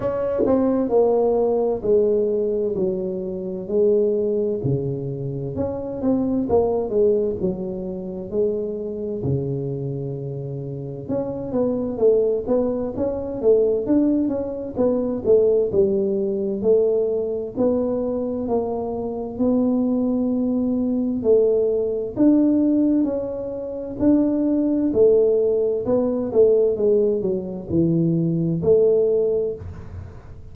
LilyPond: \new Staff \with { instrumentName = "tuba" } { \time 4/4 \tempo 4 = 65 cis'8 c'8 ais4 gis4 fis4 | gis4 cis4 cis'8 c'8 ais8 gis8 | fis4 gis4 cis2 | cis'8 b8 a8 b8 cis'8 a8 d'8 cis'8 |
b8 a8 g4 a4 b4 | ais4 b2 a4 | d'4 cis'4 d'4 a4 | b8 a8 gis8 fis8 e4 a4 | }